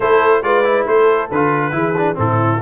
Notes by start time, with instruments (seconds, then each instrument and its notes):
0.00 tuba A3, trombone E4, horn A4, trumpet C5
0.42 tuba G#3, trombone F4, horn B4, trumpet D5
0.64 trombone E4
0.87 tuba A3, horn A4, trumpet C5
1.31 tuba D3, trombone F4, trumpet B4
1.71 tuba E3, trombone E4, horn G#4
1.97 trombone D4
2.14 tuba A2, trombone C4, trumpet A4
2.21 horn E4